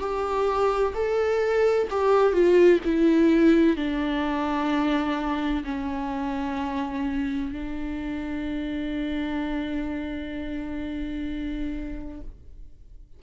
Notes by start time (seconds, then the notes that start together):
0.00 G4
0.95 A4
1.91 G4
2.33 F4
2.86 E4
3.77 D4
5.65 C#4
7.53 D4